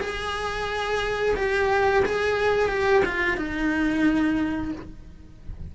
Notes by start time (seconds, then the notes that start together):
0.00 G#4
1.36 G4
2.05 G#4
2.69 G4
3.05 F4
3.37 D#4